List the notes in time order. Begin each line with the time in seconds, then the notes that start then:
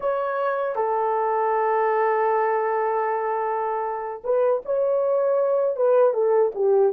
0.00 C#5
0.75 A4
4.23 B4
4.65 C#5
5.76 B4
6.13 A4
6.54 G4